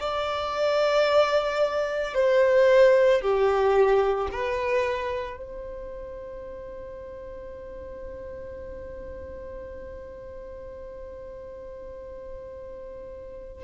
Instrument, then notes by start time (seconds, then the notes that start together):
violin
0.00 D5
2.14 C5
3.21 G4
4.32 B4
5.37 C5